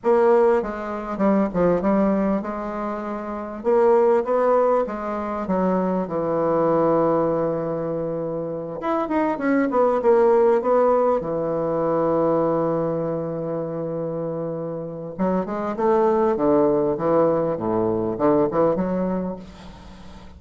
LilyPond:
\new Staff \with { instrumentName = "bassoon" } { \time 4/4 \tempo 4 = 99 ais4 gis4 g8 f8 g4 | gis2 ais4 b4 | gis4 fis4 e2~ | e2~ e8 e'8 dis'8 cis'8 |
b8 ais4 b4 e4.~ | e1~ | e4 fis8 gis8 a4 d4 | e4 a,4 d8 e8 fis4 | }